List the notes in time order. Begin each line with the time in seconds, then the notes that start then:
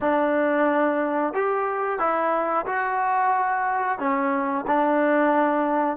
0.01 D4
1.33 G4
1.98 E4
2.65 F#4
3.98 C#4
4.67 D4